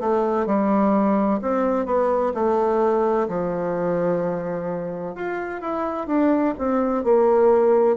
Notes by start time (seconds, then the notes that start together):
0.00 A3
0.46 G3
1.41 C4
1.86 B3
2.34 A3
3.28 F3
5.15 F4
5.61 E4
6.07 D4
6.58 C4
7.04 A#3